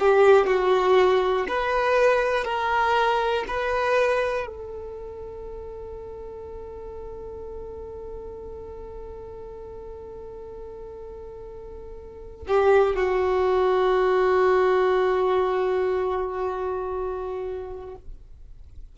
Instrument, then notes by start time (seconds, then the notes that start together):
violin
0.00 G4
0.47 F#4
1.49 B4
2.45 A#4
3.48 B4
4.47 A4
12.47 G4
12.96 F#4